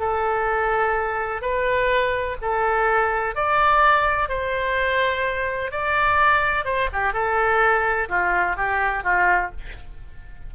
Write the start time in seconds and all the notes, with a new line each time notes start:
0.00 A4
1.42 B4
2.42 A4
3.36 D5
4.29 C5
5.71 D5
6.65 C5
6.93 G4
7.13 A4
8.09 F4
8.57 G4
9.04 F4